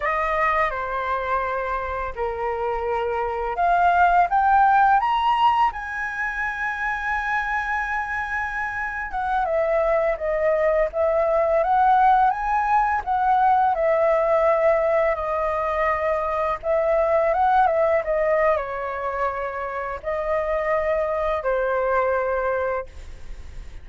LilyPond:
\new Staff \with { instrumentName = "flute" } { \time 4/4 \tempo 4 = 84 dis''4 c''2 ais'4~ | ais'4 f''4 g''4 ais''4 | gis''1~ | gis''8. fis''8 e''4 dis''4 e''8.~ |
e''16 fis''4 gis''4 fis''4 e''8.~ | e''4~ e''16 dis''2 e''8.~ | e''16 fis''8 e''8 dis''8. cis''2 | dis''2 c''2 | }